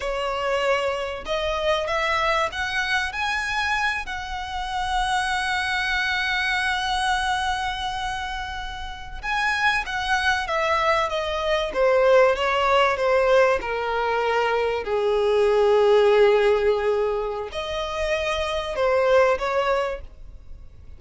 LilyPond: \new Staff \with { instrumentName = "violin" } { \time 4/4 \tempo 4 = 96 cis''2 dis''4 e''4 | fis''4 gis''4. fis''4.~ | fis''1~ | fis''2~ fis''8. gis''4 fis''16~ |
fis''8. e''4 dis''4 c''4 cis''16~ | cis''8. c''4 ais'2 gis'16~ | gis'1 | dis''2 c''4 cis''4 | }